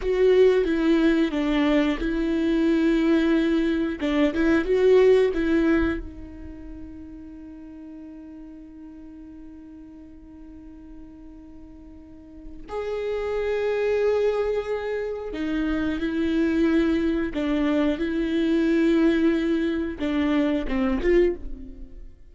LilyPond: \new Staff \with { instrumentName = "viola" } { \time 4/4 \tempo 4 = 90 fis'4 e'4 d'4 e'4~ | e'2 d'8 e'8 fis'4 | e'4 dis'2.~ | dis'1~ |
dis'2. gis'4~ | gis'2. dis'4 | e'2 d'4 e'4~ | e'2 d'4 c'8 f'8 | }